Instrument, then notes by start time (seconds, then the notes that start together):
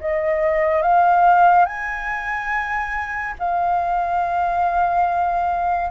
flute
0.00 D#5
0.82 F5
1.66 G#5
3.39 F5